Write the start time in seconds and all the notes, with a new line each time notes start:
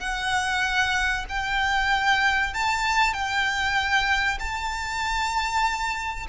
0.00 F#5
1.29 G5
2.54 A5
3.13 G5
4.39 A5